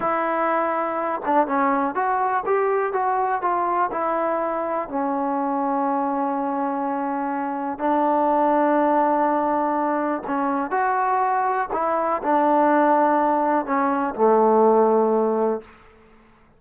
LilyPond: \new Staff \with { instrumentName = "trombone" } { \time 4/4 \tempo 4 = 123 e'2~ e'8 d'8 cis'4 | fis'4 g'4 fis'4 f'4 | e'2 cis'2~ | cis'1 |
d'1~ | d'4 cis'4 fis'2 | e'4 d'2. | cis'4 a2. | }